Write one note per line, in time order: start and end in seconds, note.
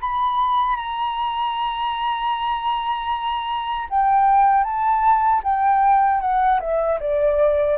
0.00 0.76 B5
0.76 3.87 A#5
3.90 4.63 G5
4.63 5.41 A5
5.43 6.20 G5
6.20 6.59 F#5
6.60 6.99 E5
7.00 7.77 D5